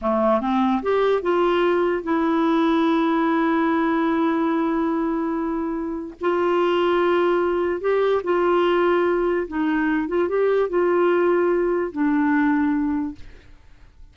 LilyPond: \new Staff \with { instrumentName = "clarinet" } { \time 4/4 \tempo 4 = 146 a4 c'4 g'4 f'4~ | f'4 e'2.~ | e'1~ | e'2. f'4~ |
f'2. g'4 | f'2. dis'4~ | dis'8 f'8 g'4 f'2~ | f'4 d'2. | }